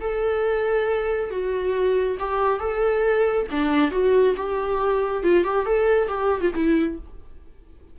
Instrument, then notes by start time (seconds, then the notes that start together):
viola
0.00 A4
1.30 F#4
2.19 G4
2.59 A4
3.50 D4
3.91 F#4
4.36 G4
5.23 F4
5.44 G4
5.65 A4
6.08 G4
6.40 F4
6.54 E4